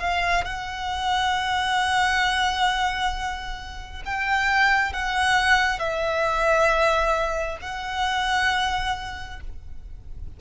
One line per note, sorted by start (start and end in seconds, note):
0.00 0.45 F5
0.45 4.03 F#5
4.05 4.93 G5
4.93 5.79 F#5
5.79 7.58 E5
7.62 9.41 F#5